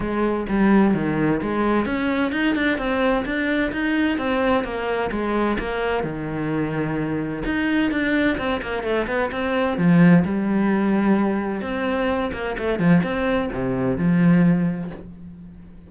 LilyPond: \new Staff \with { instrumentName = "cello" } { \time 4/4 \tempo 4 = 129 gis4 g4 dis4 gis4 | cis'4 dis'8 d'8 c'4 d'4 | dis'4 c'4 ais4 gis4 | ais4 dis2. |
dis'4 d'4 c'8 ais8 a8 b8 | c'4 f4 g2~ | g4 c'4. ais8 a8 f8 | c'4 c4 f2 | }